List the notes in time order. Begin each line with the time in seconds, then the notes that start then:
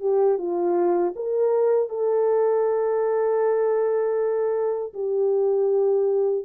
0.00 G4
0.38 F4
1.16 A#4
1.90 A4
4.94 G4